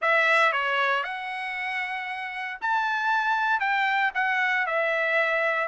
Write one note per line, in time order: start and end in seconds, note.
0.01 0.52 E5
0.52 1.03 C#5
1.03 2.58 F#5
2.61 3.59 A5
3.59 4.11 G5
4.14 4.66 F#5
4.66 5.68 E5